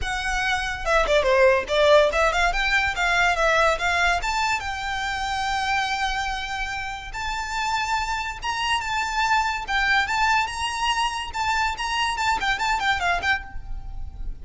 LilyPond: \new Staff \with { instrumentName = "violin" } { \time 4/4 \tempo 4 = 143 fis''2 e''8 d''8 c''4 | d''4 e''8 f''8 g''4 f''4 | e''4 f''4 a''4 g''4~ | g''1~ |
g''4 a''2. | ais''4 a''2 g''4 | a''4 ais''2 a''4 | ais''4 a''8 g''8 a''8 g''8 f''8 g''8 | }